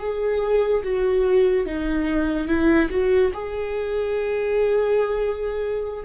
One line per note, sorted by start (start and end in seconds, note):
0.00 0.83 G#4
0.84 1.66 F#4
1.66 2.48 D#4
2.48 2.90 E4
2.91 3.32 F#4
3.34 6.05 G#4